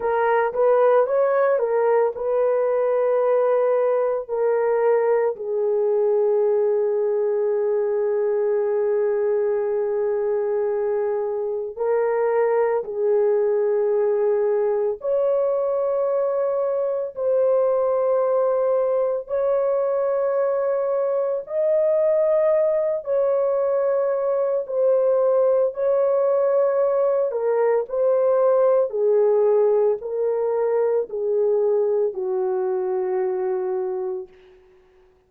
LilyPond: \new Staff \with { instrumentName = "horn" } { \time 4/4 \tempo 4 = 56 ais'8 b'8 cis''8 ais'8 b'2 | ais'4 gis'2.~ | gis'2. ais'4 | gis'2 cis''2 |
c''2 cis''2 | dis''4. cis''4. c''4 | cis''4. ais'8 c''4 gis'4 | ais'4 gis'4 fis'2 | }